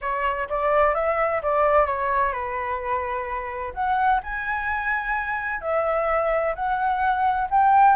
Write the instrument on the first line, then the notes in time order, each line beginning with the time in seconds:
flute
0.01 C#5
0.49 D5
0.94 E5
1.42 D5
1.86 C#5
2.32 B4
3.74 F#5
4.23 G#5
5.61 E5
6.55 F#5
7.50 G5